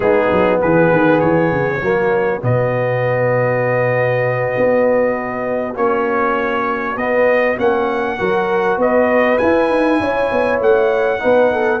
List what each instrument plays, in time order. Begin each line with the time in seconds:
0.00 tuba G#3, trombone B3, horn D#4, trumpet G#4
0.31 tuba F#3
0.60 tuba E3, horn G#4, trumpet B4
0.91 tuba D#3
1.20 tuba E3, trumpet C#5
1.52 tuba C#3
1.81 tuba F#3, trombone A#3, horn F#4
2.41 tuba B2, trombone B3, trumpet D#5
4.57 tuba B3
5.75 tuba A#3, trombone C#4, trumpet C#5
6.96 tuba B3, trombone B3, trumpet D#5
7.57 tuba A#3, trombone C#4, trumpet F#5
8.18 tuba F#3, trombone F#4, horn A#4
8.77 tuba B3, horn B4, trumpet D#5
9.38 trombone E4, tuba E4, trumpet G#5
9.69 tuba D#4
10.00 tuba C#4, horn C#5
10.31 tuba B3
10.60 tuba A3, trumpet F#5
11.18 tuba B3, trombone D#4, horn B4
11.52 horn A4